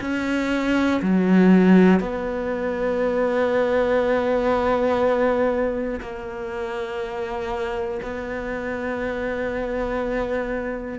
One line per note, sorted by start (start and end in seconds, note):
0.00 1.00 C#4
1.02 2.00 F#3
2.00 6.00 B3
6.00 8.00 A#3
8.02 10.99 B3